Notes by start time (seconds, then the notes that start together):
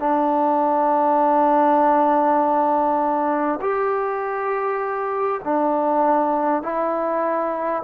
0.00 D4
3.61 G4
5.45 D4
6.63 E4